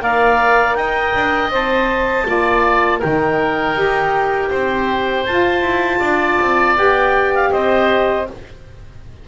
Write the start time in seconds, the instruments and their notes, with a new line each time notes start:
0.00 double bass A#3, saxophone A#4, oboe D5, clarinet F5
0.75 double bass D#4, oboe D#5, clarinet G5
1.15 double bass D4
1.50 double bass C4, saxophone C5, clarinet A5
2.25 double bass A#3, saxophone F4, oboe D5
2.99 double bass D#3, saxophone D#4, oboe A#4, clarinet G5
3.75 double bass D#4, saxophone G4
4.51 double bass C4, oboe C5
5.26 double bass F4, saxophone F4, clarinet A5
5.61 double bass E4
5.99 double bass D4, oboe D5
6.41 double bass C4
6.76 double bass B3, saxophone G4, clarinet G5
7.34 clarinet F5
7.52 double bass C4, oboe C5, clarinet D#5